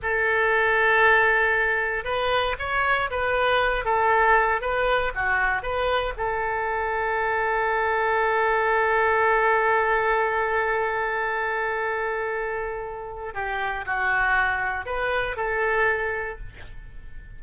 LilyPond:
\new Staff \with { instrumentName = "oboe" } { \time 4/4 \tempo 4 = 117 a'1 | b'4 cis''4 b'4. a'8~ | a'4 b'4 fis'4 b'4 | a'1~ |
a'1~ | a'1~ | a'2 g'4 fis'4~ | fis'4 b'4 a'2 | }